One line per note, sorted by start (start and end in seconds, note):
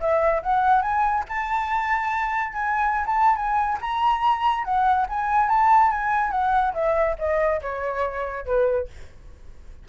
0.00 0.42 E5
0.43 0.82 F#5
0.82 1.24 G#5
1.29 2.53 A5
2.53 3.05 G#5
3.06 3.36 A5
3.36 3.78 G#5
3.81 4.64 A#5
4.64 5.06 F#5
5.09 5.49 G#5
5.49 5.91 A5
5.91 6.31 G#5
6.31 6.73 F#5
6.74 7.16 E5
7.19 7.61 D#5
7.62 8.45 C#5
8.45 8.88 B4